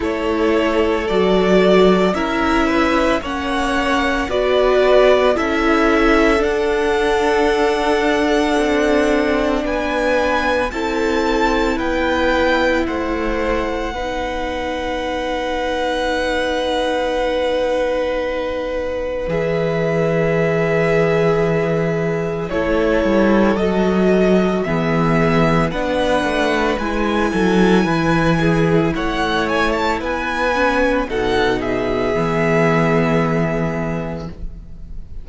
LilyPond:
<<
  \new Staff \with { instrumentName = "violin" } { \time 4/4 \tempo 4 = 56 cis''4 d''4 e''4 fis''4 | d''4 e''4 fis''2~ | fis''4 gis''4 a''4 g''4 | fis''1~ |
fis''2 e''2~ | e''4 cis''4 dis''4 e''4 | fis''4 gis''2 fis''8 gis''16 a''16 | gis''4 fis''8 e''2~ e''8 | }
  \new Staff \with { instrumentName = "violin" } { \time 4/4 a'2 ais'8 b'8 cis''4 | b'4 a'2.~ | a'4 b'4 a'4 b'4 | c''4 b'2.~ |
b'1~ | b'4 a'2 gis'4 | b'4. a'8 b'8 gis'8 cis''4 | b'4 a'8 gis'2~ gis'8 | }
  \new Staff \with { instrumentName = "viola" } { \time 4/4 e'4 fis'4 e'4 cis'4 | fis'4 e'4 d'2~ | d'2 e'2~ | e'4 dis'2.~ |
dis'2 gis'2~ | gis'4 e'4 fis'4 b4 | d'4 e'2.~ | e'8 cis'8 dis'4 b2 | }
  \new Staff \with { instrumentName = "cello" } { \time 4/4 a4 fis4 cis'4 ais4 | b4 cis'4 d'2 | c'4 b4 c'4 b4 | a4 b2.~ |
b2 e2~ | e4 a8 g8 fis4 e4 | b8 a8 gis8 fis8 e4 a4 | b4 b,4 e2 | }
>>